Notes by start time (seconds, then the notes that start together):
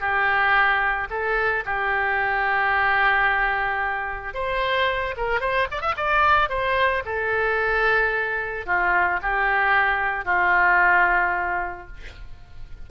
0.00 G4
1.10 A4
1.65 G4
4.34 C5
5.17 A#4
5.41 C5
5.71 D5
5.81 E5
5.97 D5
6.49 C5
7.05 A4
8.66 F4
9.22 G4
10.25 F4